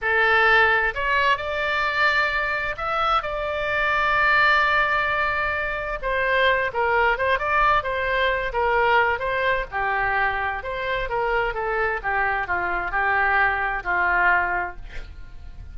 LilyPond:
\new Staff \with { instrumentName = "oboe" } { \time 4/4 \tempo 4 = 130 a'2 cis''4 d''4~ | d''2 e''4 d''4~ | d''1~ | d''4 c''4. ais'4 c''8 |
d''4 c''4. ais'4. | c''4 g'2 c''4 | ais'4 a'4 g'4 f'4 | g'2 f'2 | }